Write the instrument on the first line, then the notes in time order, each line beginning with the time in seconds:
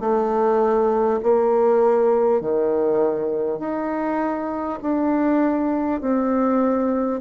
bassoon
0.00 A3
1.23 A#3
2.41 D#3
3.59 D#4
4.82 D4
6.01 C4